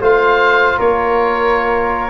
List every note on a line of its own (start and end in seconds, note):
0.00 0.78 A3
0.00 2.10 F4
0.00 0.78 C5
0.00 0.80 F5
0.78 2.10 A#3
0.78 2.10 A#4
0.78 2.10 C#5